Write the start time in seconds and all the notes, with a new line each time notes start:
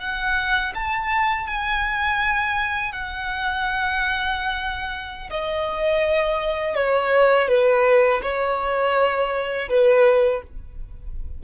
0.00 F#5
0.75 A5
1.47 G#5
2.92 F#5
5.30 D#5
6.75 C#5
7.49 B4
8.22 C#5
9.69 B4